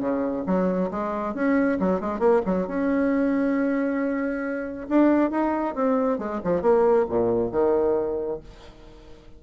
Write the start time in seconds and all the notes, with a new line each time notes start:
0.00 C#3
0.46 F#3
0.91 G#3
1.34 C#4
1.79 F#3
2.00 G#3
2.19 A#3
2.45 F#3
2.67 C#4
4.89 D4
5.31 D#4
5.75 C4
6.18 G#3
6.44 F3
6.62 A#3
7.09 A#2
7.52 D#3